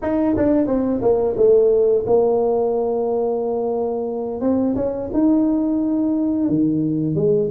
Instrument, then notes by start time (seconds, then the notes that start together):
tuba
0.02 D#4
0.36 D4
0.66 C4
1.01 A#3
1.36 A3
2.06 A#3
4.40 C4
4.75 C#4
5.13 D#4
6.49 D#3
7.15 G#3